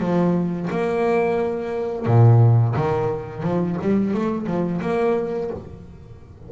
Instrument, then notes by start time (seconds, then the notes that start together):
double bass
0.00 F3
0.71 A#3
2.06 A#2
2.76 D#3
3.43 F3
3.82 G3
4.14 A3
4.47 F3
4.82 A#3